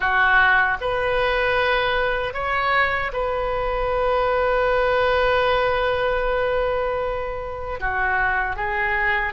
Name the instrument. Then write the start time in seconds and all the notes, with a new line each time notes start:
oboe
0.00 F#4
0.80 B4
2.33 C#5
3.12 B4
7.80 F#4
8.56 G#4